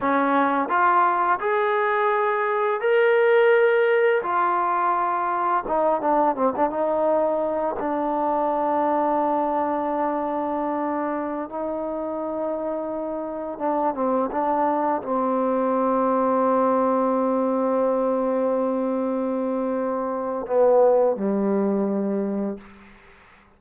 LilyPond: \new Staff \with { instrumentName = "trombone" } { \time 4/4 \tempo 4 = 85 cis'4 f'4 gis'2 | ais'2 f'2 | dis'8 d'8 c'16 d'16 dis'4. d'4~ | d'1~ |
d'16 dis'2. d'8 c'16~ | c'16 d'4 c'2~ c'8.~ | c'1~ | c'4 b4 g2 | }